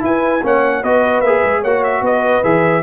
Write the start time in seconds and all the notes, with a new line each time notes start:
0.00 E4 B4 G#5
0.43 A#3 C#4 C#5 F#5
0.83 B3 F#4 B4 D#5
1.21 A#3 G#4 E5
1.44 G#3
1.61 A#3 F#4 C#5 F#5
1.84 E5
2.01 B3 B4 D#5
2.44 E3 G#4 E5